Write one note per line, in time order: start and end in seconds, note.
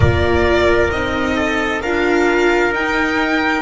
0.00 0.90 A#3
0.00 0.92 F4
0.00 1.36 A#4
0.00 0.90 D5
0.90 1.82 C4
0.90 1.83 D#4
0.90 1.81 D#5
1.36 1.81 A4
1.81 2.70 D4
1.81 2.73 F4
1.81 3.62 A#4
1.81 2.73 F5
2.70 3.61 D#4
2.70 3.62 D#4
2.70 3.62 G5